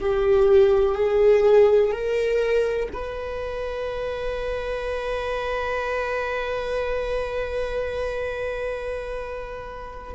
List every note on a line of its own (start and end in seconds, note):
0.00 0.95 G4
0.95 1.92 G#4
1.92 2.89 A#4
2.93 10.14 B4